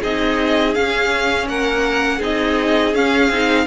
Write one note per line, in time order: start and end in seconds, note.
0.00 0.76 C4
0.00 0.75 D#4
0.00 1.46 G#4
0.00 0.74 D#5
0.74 2.21 C#4
0.74 1.47 C#4
0.74 1.47 F5
1.47 2.20 A#3
1.47 2.17 A#4
1.47 2.21 F#5
2.17 2.94 C4
2.17 2.94 D#4
2.17 3.64 G#4
2.23 2.94 D#5
2.94 3.30 C#4
2.94 3.32 C#4
2.94 3.66 F5
3.30 3.66 C4
3.30 3.66 D#4